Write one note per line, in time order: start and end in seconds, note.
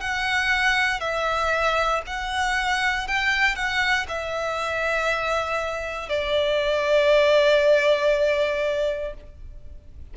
0.00 1.00 F#5
1.00 2.02 E5
2.06 3.07 F#5
3.07 3.55 G5
3.55 4.06 F#5
4.08 6.08 E5
6.08 9.13 D5